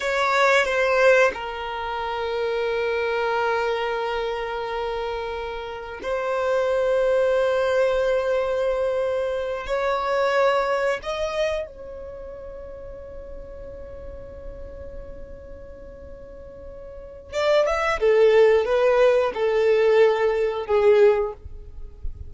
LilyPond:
\new Staff \with { instrumentName = "violin" } { \time 4/4 \tempo 4 = 90 cis''4 c''4 ais'2~ | ais'1~ | ais'4 c''2.~ | c''2~ c''8 cis''4.~ |
cis''8 dis''4 cis''2~ cis''8~ | cis''1~ | cis''2 d''8 e''8 a'4 | b'4 a'2 gis'4 | }